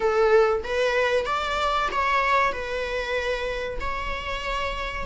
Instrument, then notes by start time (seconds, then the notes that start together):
viola
0.00 A4
0.63 B4
1.25 D5
1.91 C#5
2.52 B4
3.80 C#5